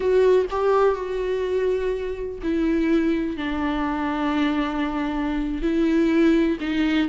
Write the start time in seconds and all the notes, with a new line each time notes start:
0.00 F#4
0.50 G4
0.95 F#4
2.42 E4
3.36 D4
5.62 E4
6.60 D#4